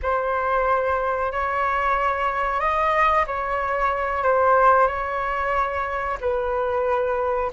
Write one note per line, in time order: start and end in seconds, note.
0.02 1.32 C5
1.32 2.59 C#5
2.59 3.25 D#5
3.26 4.23 C#5
4.23 4.87 C5
4.87 6.17 C#5
6.20 7.51 B4